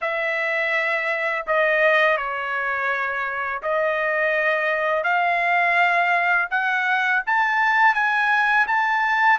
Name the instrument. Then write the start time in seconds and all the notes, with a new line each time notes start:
trumpet
0.01 E5
1.47 D#5
2.17 C#5
3.62 D#5
5.03 F5
6.50 F#5
7.26 A5
7.94 G#5
8.67 A5